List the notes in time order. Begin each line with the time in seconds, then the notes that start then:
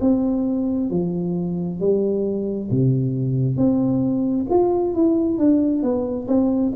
0.00 C4
0.90 F3
1.80 G3
2.70 C3
3.57 C4
4.49 F4
4.94 E4
5.38 D4
5.82 B3
6.28 C4